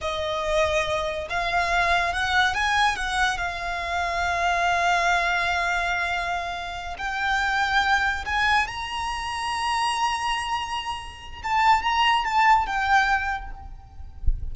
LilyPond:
\new Staff \with { instrumentName = "violin" } { \time 4/4 \tempo 4 = 142 dis''2. f''4~ | f''4 fis''4 gis''4 fis''4 | f''1~ | f''1~ |
f''8 g''2. gis''8~ | gis''8 ais''2.~ ais''8~ | ais''2. a''4 | ais''4 a''4 g''2 | }